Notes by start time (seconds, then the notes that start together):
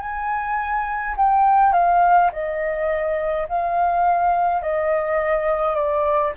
0.00 G#5
1.16 G5
1.73 F5
2.32 D#5
3.49 F5
4.62 D#5
5.75 D5